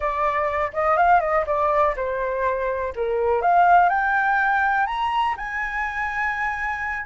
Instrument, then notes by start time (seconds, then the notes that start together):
flute
0.00 D5
0.73 D#5
0.96 F5
1.20 D#5
1.46 D5
1.95 C5
2.95 A#4
3.41 F5
3.89 G5
4.86 A#5
5.37 G#5